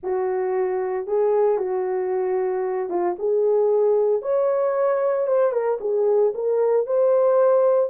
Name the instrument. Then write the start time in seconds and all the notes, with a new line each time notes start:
horn
0.03 F#4
1.06 G#4
1.57 F#4
2.89 F4
3.18 G#4
4.22 C#5
5.27 C5
5.52 A#4
5.80 G#4
6.34 A#4
6.86 C5